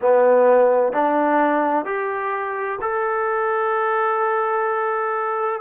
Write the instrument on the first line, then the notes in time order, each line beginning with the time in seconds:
trombone
0.01 B3
0.92 D4
1.85 G4
2.81 A4